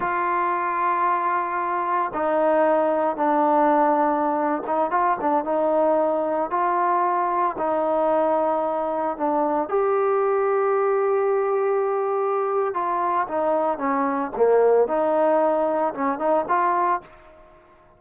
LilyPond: \new Staff \with { instrumentName = "trombone" } { \time 4/4 \tempo 4 = 113 f'1 | dis'2 d'2~ | d'8. dis'8 f'8 d'8 dis'4.~ dis'16~ | dis'16 f'2 dis'4.~ dis'16~ |
dis'4~ dis'16 d'4 g'4.~ g'16~ | g'1 | f'4 dis'4 cis'4 ais4 | dis'2 cis'8 dis'8 f'4 | }